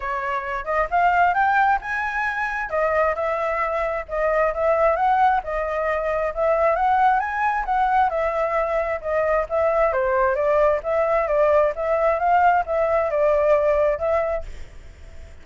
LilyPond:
\new Staff \with { instrumentName = "flute" } { \time 4/4 \tempo 4 = 133 cis''4. dis''8 f''4 g''4 | gis''2 dis''4 e''4~ | e''4 dis''4 e''4 fis''4 | dis''2 e''4 fis''4 |
gis''4 fis''4 e''2 | dis''4 e''4 c''4 d''4 | e''4 d''4 e''4 f''4 | e''4 d''2 e''4 | }